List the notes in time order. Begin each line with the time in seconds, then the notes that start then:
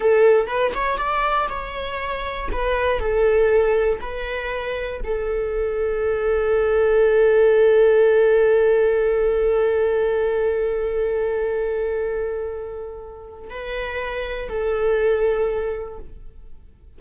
0.00 A4
0.46 B4
0.74 C#5
0.97 D5
1.49 C#5
2.52 B4
2.99 A4
4.00 B4
5.04 A4
13.50 B4
14.48 A4